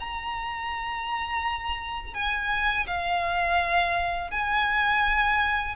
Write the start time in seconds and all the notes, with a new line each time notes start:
0.00 A#5
2.14 G#5
2.87 F5
4.31 G#5